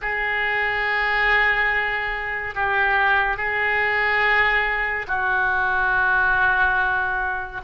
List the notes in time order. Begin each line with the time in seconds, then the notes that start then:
0.01 G#4
2.54 G4
3.36 G#4
5.07 F#4